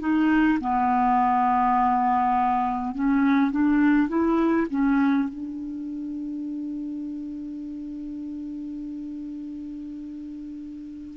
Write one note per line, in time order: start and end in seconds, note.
0.00 0.59 D#4
0.61 2.95 B3
2.95 3.52 C#4
3.52 4.09 D4
4.09 4.67 E4
4.71 5.29 C#4
5.29 11.18 D4